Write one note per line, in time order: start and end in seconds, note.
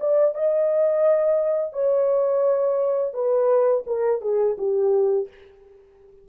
0.00 0.34 D5
0.34 1.73 D#5
1.73 3.13 C#5
3.13 3.84 B4
3.86 4.21 A#4
4.21 4.57 G#4
4.58 5.28 G4